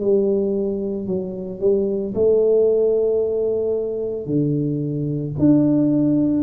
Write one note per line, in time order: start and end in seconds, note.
0.00 1.07 G3
1.07 1.60 F#3
1.60 2.13 G3
2.14 4.26 A3
4.26 5.33 D3
5.38 6.43 D4